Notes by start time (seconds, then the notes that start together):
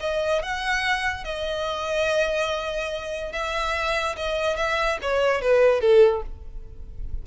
0.00 D#5
0.42 F#5
1.24 D#5
3.32 E5
4.16 D#5
4.56 E5
5.01 C#5
5.41 B4
5.80 A4